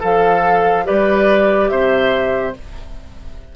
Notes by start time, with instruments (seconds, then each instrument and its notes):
0.00 bassoon F3, oboe A4, clarinet A4, flute F5
0.85 bassoon G3, clarinet G4, oboe B4, flute D5
1.69 bassoon C3, oboe C5, flute E5